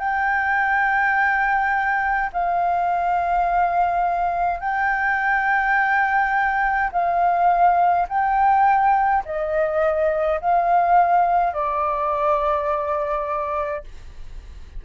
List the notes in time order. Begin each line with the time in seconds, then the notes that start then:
0.00 G5
2.33 F5
4.60 G5
6.92 F5
8.09 G5
9.26 D#5
10.42 F5
11.54 D5